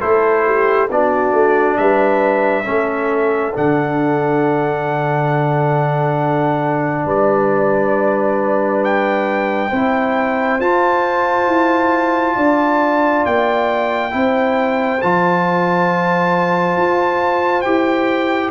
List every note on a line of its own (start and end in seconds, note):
0.00 0.90 A3
0.00 0.88 E4
0.00 0.44 A4
0.00 0.88 C5
0.46 0.90 G4
0.90 1.32 B3
0.90 2.64 D4
0.90 1.78 F#4
0.90 1.77 D5
1.32 1.76 A3
1.77 2.66 G3
1.77 2.64 B4
1.77 3.53 E5
2.64 3.56 A3
2.64 3.52 C#4
2.64 7.05 A4
3.53 7.05 D3
3.53 9.71 D4
3.53 7.08 F#5
7.05 9.70 G3
7.05 9.69 B4
7.05 8.83 D5
8.83 10.60 G5
9.69 10.59 C4
9.69 10.60 E4
9.69 12.34 C5
10.59 11.47 F4
10.59 14.10 F4
10.59 13.25 A5
11.47 12.35 E4
12.35 13.24 D4
12.35 14.12 D5
13.25 14.13 A#3
13.25 15.01 G5
14.10 15.02 C4
14.10 14.99 E4
14.10 18.50 C5
15.01 16.76 F3
15.01 17.65 F4
15.01 17.61 A5
16.76 17.64 F4
17.61 18.50 E4
17.61 18.50 G4
17.61 18.49 G5